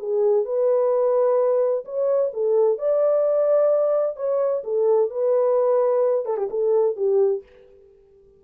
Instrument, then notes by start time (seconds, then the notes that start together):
horn
0.00 G#4
0.45 B4
1.85 C#5
2.34 A4
2.79 D5
4.17 C#5
4.64 A4
5.11 B4
6.26 A4
6.37 G4
6.51 A4
6.96 G4